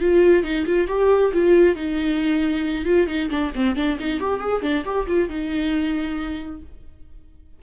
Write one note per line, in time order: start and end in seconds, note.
0.00 0.44 F4
0.44 0.66 D#4
0.66 0.87 F4
0.87 1.32 G4
1.33 1.75 F4
1.75 2.85 D#4
2.85 3.07 F4
3.07 3.29 D#4
3.30 3.52 D4
3.55 3.76 C4
3.76 3.98 D4
3.99 4.20 D#4
4.20 4.40 G4
4.40 4.62 G#4
4.62 4.84 D4
4.84 5.07 G4
5.07 5.29 F4
5.29 6.62 D#4